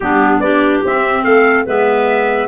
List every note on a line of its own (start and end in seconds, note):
0.00 0.40 G3
0.00 0.42 B3
0.00 0.43 D4
0.00 0.39 G4
0.39 0.81 B3
0.39 0.83 D4
0.39 1.23 G4
0.39 0.81 D5
0.84 1.25 C4
0.84 1.66 C4
0.84 1.23 E5
1.23 1.66 A3
1.23 1.65 A4
1.23 1.65 F5
1.65 2.47 G#3
1.65 2.47 B3
1.65 2.47 B4
1.65 2.47 E5